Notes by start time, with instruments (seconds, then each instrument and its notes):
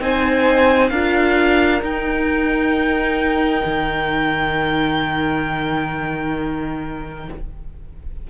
0.00 cello C4, viola D#4, violin C5 G#5
0.90 cello D4, viola F4, violin A#4 F5
1.82 cello D#4, viola D#4, violin G5
3.65 cello D#3